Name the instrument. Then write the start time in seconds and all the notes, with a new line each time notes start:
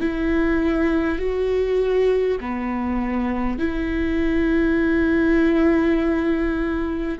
viola
0.00 E4
1.18 F#4
2.41 B3
3.59 E4